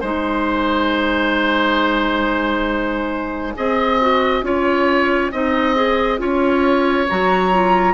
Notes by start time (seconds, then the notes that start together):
0.00 G#3 D#4 C5 G#5
3.56 C4 G#4 D#5
4.01 F#4
4.42 C#4 F4 C#5
5.32 C4 D#4 D#5
5.76 G#4
6.18 C#4 F4 C#5
7.09 F#3 F#4 A#5
7.52 F4